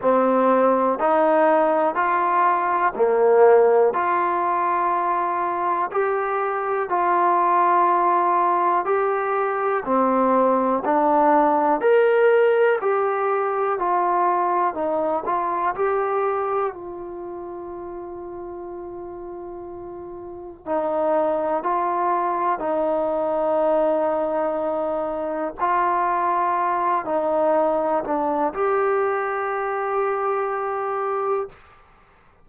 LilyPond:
\new Staff \with { instrumentName = "trombone" } { \time 4/4 \tempo 4 = 61 c'4 dis'4 f'4 ais4 | f'2 g'4 f'4~ | f'4 g'4 c'4 d'4 | ais'4 g'4 f'4 dis'8 f'8 |
g'4 f'2.~ | f'4 dis'4 f'4 dis'4~ | dis'2 f'4. dis'8~ | dis'8 d'8 g'2. | }